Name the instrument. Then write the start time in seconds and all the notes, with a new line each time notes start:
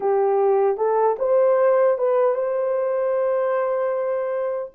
horn
0.00 G4
0.77 A4
1.18 C5
1.97 B4
2.35 C5